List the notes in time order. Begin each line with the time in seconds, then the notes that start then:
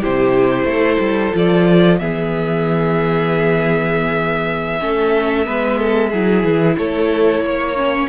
0.00 C3 E4 G4 C5
0.64 A3 A4
0.99 G3
1.33 F3 F4 D5
1.98 E3 B3 G#4 E5
4.79 A3 C#4 A4
5.45 G#3 B3 B4
5.78 A4
6.10 F#3 E4 G#4
6.43 E3
6.77 A3 A4 C#5
7.40 A#3 C#5
7.76 C#4